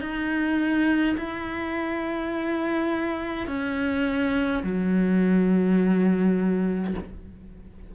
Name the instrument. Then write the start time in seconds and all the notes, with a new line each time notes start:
cello
0.00 D#4
1.17 E4
3.47 C#4
4.63 F#3